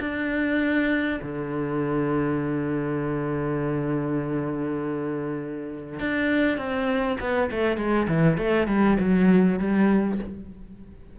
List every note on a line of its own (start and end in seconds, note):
0.00 1.20 D4
1.22 5.99 D3
5.99 6.58 D4
6.58 7.18 C4
7.20 7.50 B3
7.51 7.77 A3
7.77 8.07 G#3
8.08 8.38 E3
8.38 8.67 A3
8.67 8.97 G3
9.00 9.59 F#3
9.59 10.19 G3